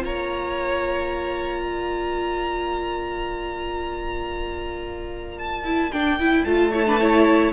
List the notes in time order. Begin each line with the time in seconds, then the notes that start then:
0.00 A#3 F4 C#5 A#5
1.63 D5
5.39 A5
5.65 E4
5.92 D4 G5
6.20 E4
6.45 A3 F4 A5
6.72 E4 C#5
6.87 D4 B4
7.01 E4 C#5